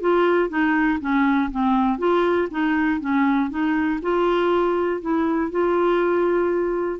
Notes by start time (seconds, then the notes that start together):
0.00 F4
0.49 D#4
1.00 C#4
1.51 C4
1.98 F4
2.50 D#4
3.00 C#4
3.50 D#4
4.01 F4
5.01 E4
5.51 F4